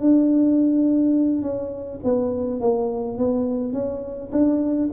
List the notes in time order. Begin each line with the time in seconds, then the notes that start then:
0.00 D4
1.42 C#4
2.04 B3
2.61 A#3
3.18 B3
3.73 C#4
4.32 D4